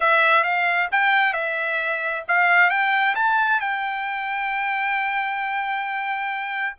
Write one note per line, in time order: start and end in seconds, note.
0.00 0.43 E5
0.43 0.88 F5
0.91 1.33 G5
1.33 2.23 E5
2.28 2.69 F5
2.69 3.15 G5
3.15 3.60 A5
3.60 6.76 G5